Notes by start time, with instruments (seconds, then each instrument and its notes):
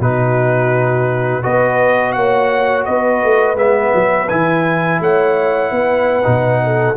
0.00 tuba B2, trombone D#4, horn F#4, trumpet B4
1.42 tuba B3, trombone F#4, horn B4, trumpet D#5
2.13 tuba A#3, horn C#5, trumpet F#5
2.86 tuba B3, horn B4, trumpet D#5
3.24 tuba A3
3.56 tuba G#3, trombone B3, trumpet E5
3.94 tuba F#3
4.29 tuba E3, trombone E4, trumpet G#5
5.00 tuba A3, horn C#5, trumpet F#5
5.72 tuba B3, horn B4
6.24 tuba B2, trombone D#4
6.64 horn A4